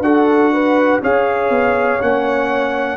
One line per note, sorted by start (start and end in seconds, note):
0.00 0.98 D4
0.00 1.02 F#4
0.00 0.53 A4
0.00 1.01 F#5
0.53 1.02 B4
1.02 1.50 C#4
1.02 2.01 G#4
1.02 2.97 C#5
1.02 2.02 F5
1.50 1.99 B3
2.01 2.97 A#3
2.01 2.97 C#4
2.01 2.97 F#5